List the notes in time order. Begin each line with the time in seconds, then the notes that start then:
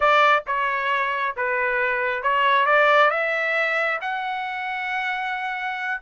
0.00 D5
0.46 C#5
1.36 B4
2.22 C#5
2.65 D5
3.10 E5
4.01 F#5